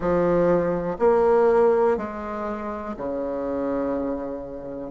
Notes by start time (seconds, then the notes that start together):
0.00 F3
0.98 A#3
1.97 G#3
2.96 C#3